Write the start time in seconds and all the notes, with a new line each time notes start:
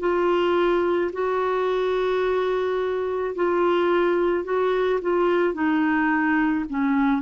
0.00 F4
1.13 F#4
3.35 F4
4.44 F#4
5.02 F4
5.54 D#4
6.69 C#4